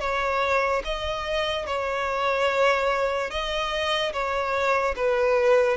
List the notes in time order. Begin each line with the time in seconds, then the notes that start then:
0.00 C#5
0.84 D#5
1.66 C#5
3.30 D#5
4.12 C#5
4.96 B4